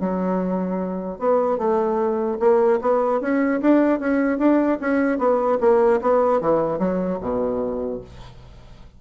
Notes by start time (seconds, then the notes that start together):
0.00 F#3
1.19 B3
1.58 A3
2.40 A#3
2.81 B3
3.21 C#4
3.61 D4
3.99 C#4
4.38 D4
4.80 C#4
5.18 B3
5.60 A#3
6.01 B3
6.41 E3
6.79 F#3
7.21 B2